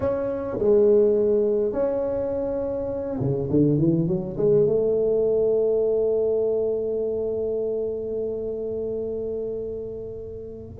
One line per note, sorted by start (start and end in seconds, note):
0.00 0.58 C#4
0.58 1.73 G#3
1.73 3.18 C#4
3.19 3.48 C#3
3.50 3.78 D3
3.78 4.07 E3
4.07 4.36 F#3
4.37 4.65 G#3
4.65 10.77 A3